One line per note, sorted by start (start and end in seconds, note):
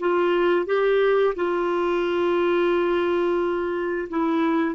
0.00 0.66 F4
0.66 1.35 G4
1.36 4.09 F4
4.10 4.75 E4